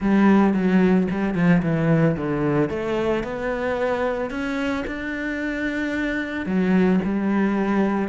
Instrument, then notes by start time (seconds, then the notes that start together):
cello
0.00 G3
0.53 F#3
1.11 G3
1.35 F3
1.62 E3
2.16 D3
2.69 A3
3.23 B3
4.30 C#4
4.86 D4
6.45 F#3
7.04 G3